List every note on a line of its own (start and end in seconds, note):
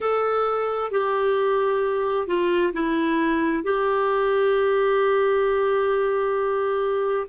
0.00 0.91 A4
0.91 2.27 G4
2.27 2.72 F4
2.73 3.63 E4
3.63 7.27 G4